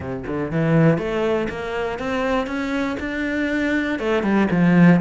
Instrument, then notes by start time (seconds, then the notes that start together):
cello
0.00 C3
0.26 D3
0.51 E3
0.97 A3
1.49 A#3
1.98 C4
2.46 C#4
2.99 D4
3.99 A3
4.22 G3
4.50 F3